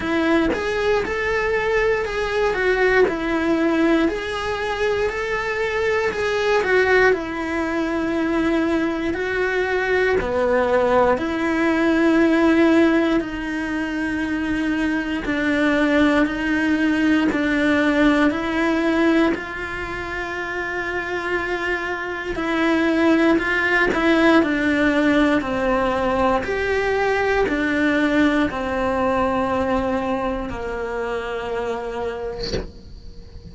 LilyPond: \new Staff \with { instrumentName = "cello" } { \time 4/4 \tempo 4 = 59 e'8 gis'8 a'4 gis'8 fis'8 e'4 | gis'4 a'4 gis'8 fis'8 e'4~ | e'4 fis'4 b4 e'4~ | e'4 dis'2 d'4 |
dis'4 d'4 e'4 f'4~ | f'2 e'4 f'8 e'8 | d'4 c'4 g'4 d'4 | c'2 ais2 | }